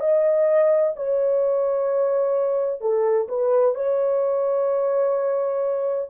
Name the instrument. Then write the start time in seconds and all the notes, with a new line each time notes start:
horn
0.00 D#5
0.96 C#5
2.80 A4
3.28 B4
3.75 C#5